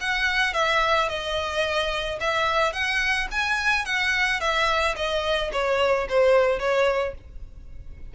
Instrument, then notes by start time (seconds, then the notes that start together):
violin
0.00 F#5
0.53 E5
1.09 D#5
2.20 E5
2.72 F#5
3.31 G#5
3.85 F#5
4.40 E5
4.96 D#5
5.52 C#5
6.09 C5
6.59 C#5